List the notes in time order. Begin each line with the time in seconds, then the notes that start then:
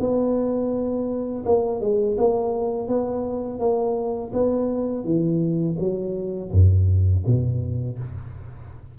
0.00 B3
1.46 A#3
1.81 G#3
2.18 A#3
2.88 B3
3.60 A#3
4.33 B3
5.05 E3
5.79 F#3
6.52 F#2
7.27 B2